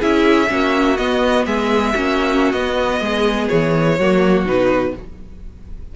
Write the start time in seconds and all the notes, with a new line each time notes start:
0.00 C#4 E4 G#4 E5
0.47 A#3 C#4 F#4
0.97 B3 D#5
1.46 G#3 G#4 E5
1.94 A#3 C#4 F#4
2.52 B3 D#5
3.00 G#3 G#4
3.48 E3 C#5
3.99 F#3 A#3 F#4
4.46 B2 D#4 B4